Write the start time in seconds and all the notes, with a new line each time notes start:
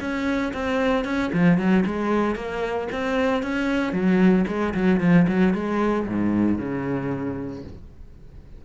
0.00 C#4
0.53 C4
1.05 C#4
1.33 F3
1.58 F#3
1.86 G#3
2.35 A#3
2.92 C4
3.43 C#4
3.93 F#3
4.48 G#3
4.74 F#3
5.00 F3
5.28 F#3
5.54 G#3
6.07 G#2
6.58 C#3